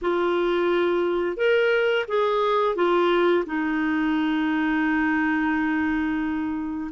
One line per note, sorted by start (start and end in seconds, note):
0.01 1.36 F4
1.36 2.05 A#4
2.08 2.75 G#4
2.75 3.44 F4
3.45 6.90 D#4